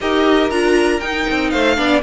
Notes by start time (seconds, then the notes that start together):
0.00 D#4 G4 A#4 D#5
0.50 D4 F4 A#5
1.00 D#4 G5
1.30 C4
1.50 A3 C5 F5
1.76 B3 D4 D5